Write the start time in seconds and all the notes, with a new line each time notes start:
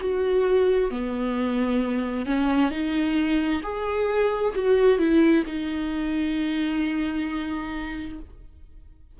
0.00 F#4
0.90 B3
2.26 C#4
2.70 D#4
3.62 G#4
4.55 F#4
4.98 E4
5.46 D#4